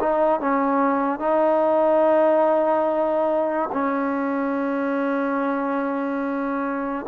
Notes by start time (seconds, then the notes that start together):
0.00 D#4
0.40 C#4
1.20 D#4
3.72 C#4